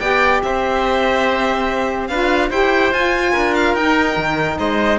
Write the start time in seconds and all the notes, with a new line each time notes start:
0.00 B3 G4 D5 G5
0.43 C4 C5 E5
2.07 D4 F4 B4 F5
2.49 E4 G4 C5 G5
2.92 F4 G#5
3.33 D4 A#4
3.54 F5
3.74 D#4 G5
4.17 D#3
4.59 G#3 C5 D#5